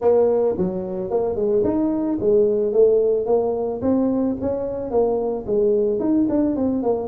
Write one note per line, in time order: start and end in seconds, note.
0.01 0.55 A#3
0.57 1.10 F#3
1.10 1.35 A#3
1.35 1.62 G#3
1.63 2.18 D#4
2.20 2.72 G#3
2.72 3.26 A3
3.26 3.80 A#3
3.81 4.36 C4
4.41 4.90 C#4
4.90 5.45 A#3
5.46 5.99 G#3
5.99 6.26 D#4
6.29 6.56 D4
6.56 6.82 C4
6.82 7.07 A#3